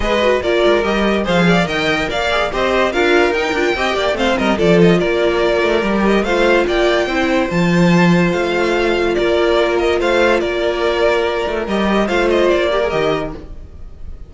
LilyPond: <<
  \new Staff \with { instrumentName = "violin" } { \time 4/4 \tempo 4 = 144 dis''4 d''4 dis''4 f''4 | g''4 f''4 dis''4 f''4 | g''2 f''8 dis''8 d''8 dis''8 | d''2~ d''8 dis''8 f''4 |
g''2 a''2 | f''2 d''4. dis''8 | f''4 d''2. | dis''4 f''8 dis''8 d''4 dis''4 | }
  \new Staff \with { instrumentName = "violin" } { \time 4/4 b'4 ais'2 c''8 d''8 | dis''4 d''4 c''4 ais'4~ | ais'4 dis''8 d''8 c''8 ais'8 a'4 | ais'2. c''4 |
d''4 c''2.~ | c''2 ais'2 | c''4 ais'2.~ | ais'4 c''4. ais'4. | }
  \new Staff \with { instrumentName = "viola" } { \time 4/4 gis'8 fis'8 f'4 g'4 gis'4 | ais'4. gis'8 g'4 f'4 | dis'8 f'8 g'4 c'4 f'4~ | f'2 g'4 f'4~ |
f'4 e'4 f'2~ | f'1~ | f'1 | g'4 f'4. g'16 gis'16 g'4 | }
  \new Staff \with { instrumentName = "cello" } { \time 4/4 gis4 ais8 gis8 g4 f4 | dis4 ais4 c'4 d'4 | dis'8 d'8 c'8 ais8 a8 g8 f4 | ais4. a8 g4 a4 |
ais4 c'4 f2 | a2 ais2 | a4 ais2~ ais8 a8 | g4 a4 ais4 dis4 | }
>>